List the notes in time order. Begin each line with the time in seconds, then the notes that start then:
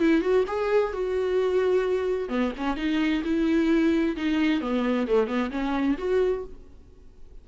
0.00 E4
0.22 F#4
0.47 G#4
0.93 F#4
2.29 B3
2.58 C#4
2.77 D#4
3.24 E4
4.17 D#4
4.61 B3
5.07 A3
5.28 B3
5.51 C#4
5.98 F#4